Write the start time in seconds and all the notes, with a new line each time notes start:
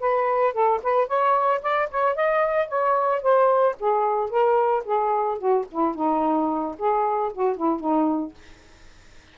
0.00 B4
0.53 A4
0.83 B4
1.08 C#5
1.62 D5
1.91 C#5
2.15 D#5
2.68 C#5
3.22 C5
3.80 G#4
4.30 A#4
4.85 G#4
5.38 F#4
5.71 E4
5.95 D#4
6.78 G#4
7.33 F#4
7.57 E4
7.80 D#4